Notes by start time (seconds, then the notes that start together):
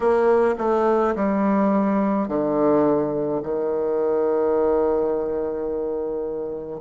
0.00 A#3
0.58 A3
1.15 G3
2.27 D3
3.42 D#3